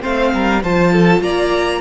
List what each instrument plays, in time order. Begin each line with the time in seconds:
0.00 cello A3, viola C4, violin C5 F5
0.34 cello G3, violin A#4
0.62 cello F3, viola F4, violin C5 A5
0.93 violin A4
1.21 cello A#3, violin D5 A#5